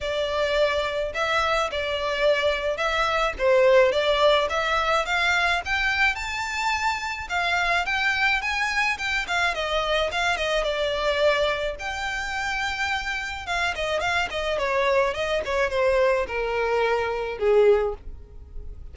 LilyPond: \new Staff \with { instrumentName = "violin" } { \time 4/4 \tempo 4 = 107 d''2 e''4 d''4~ | d''4 e''4 c''4 d''4 | e''4 f''4 g''4 a''4~ | a''4 f''4 g''4 gis''4 |
g''8 f''8 dis''4 f''8 dis''8 d''4~ | d''4 g''2. | f''8 dis''8 f''8 dis''8 cis''4 dis''8 cis''8 | c''4 ais'2 gis'4 | }